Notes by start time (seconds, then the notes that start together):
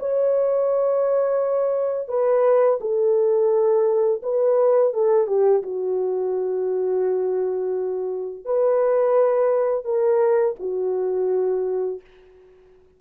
0.00 C#5
2.09 B4
2.81 A4
4.23 B4
4.94 A4
5.27 G4
5.63 F#4
8.45 B4
9.85 A#4
10.60 F#4